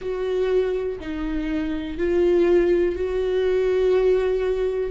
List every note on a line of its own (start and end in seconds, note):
0.00 0.99 F#4
0.99 1.98 D#4
1.98 2.95 F4
2.95 4.90 F#4